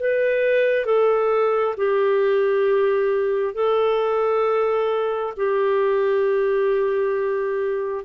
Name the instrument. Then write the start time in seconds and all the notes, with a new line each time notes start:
clarinet
0.00 B4
0.86 A4
1.77 G4
3.55 A4
5.37 G4